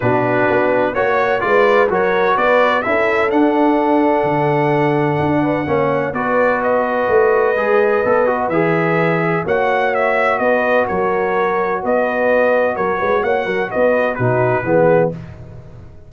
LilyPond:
<<
  \new Staff \with { instrumentName = "trumpet" } { \time 4/4 \tempo 4 = 127 b'2 cis''4 d''4 | cis''4 d''4 e''4 fis''4~ | fis''1~ | fis''4 d''4 dis''2~ |
dis''2 e''2 | fis''4 e''4 dis''4 cis''4~ | cis''4 dis''2 cis''4 | fis''4 dis''4 b'2 | }
  \new Staff \with { instrumentName = "horn" } { \time 4/4 fis'2 cis''4 b'4 | ais'4 b'4 a'2~ | a'2.~ a'8 b'8 | cis''4 b'2.~ |
b'1 | cis''2 b'4 ais'4~ | ais'4 b'2 ais'8 b'8 | cis''8 ais'8 b'4 fis'4 gis'4 | }
  \new Staff \with { instrumentName = "trombone" } { \time 4/4 d'2 fis'4 f'4 | fis'2 e'4 d'4~ | d'1 | cis'4 fis'2. |
gis'4 a'8 fis'8 gis'2 | fis'1~ | fis'1~ | fis'2 dis'4 b4 | }
  \new Staff \with { instrumentName = "tuba" } { \time 4/4 b,4 b4 ais4 gis4 | fis4 b4 cis'4 d'4~ | d'4 d2 d'4 | ais4 b2 a4 |
gis4 b4 e2 | ais2 b4 fis4~ | fis4 b2 fis8 gis8 | ais8 fis8 b4 b,4 e4 | }
>>